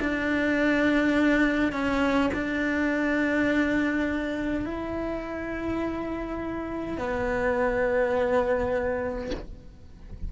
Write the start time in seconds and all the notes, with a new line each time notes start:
0.00 D4
1.72 C#4
2.34 D4
4.65 E4
6.98 B3